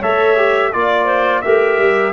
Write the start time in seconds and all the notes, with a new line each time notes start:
0.00 A3 A4 C#5 E5
0.37 G4
0.72 A#3 F4 D5
1.04 C5
1.41 A3 G4 A#4 E5
1.78 G3